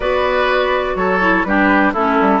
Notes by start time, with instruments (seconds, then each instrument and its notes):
0.00 bassoon B3, clarinet F#4, oboe B4, flute D5
0.95 bassoon F#3, oboe A4, flute C#5
1.21 clarinet E4
1.44 bassoon G3, clarinet D4, oboe G4, flute B4
1.93 bassoon A3, clarinet C#4, oboe E4, flute A4
2.20 bassoon G3